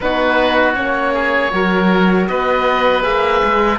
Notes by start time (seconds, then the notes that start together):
0.00 B3 D#4 F#4 B4
0.74 A#3 C#4 C#5
1.13 G#4
1.50 F#3 F#4 A#4
2.27 B3 B4 D#5
3.02 A#3 G#4 E5
3.43 G#3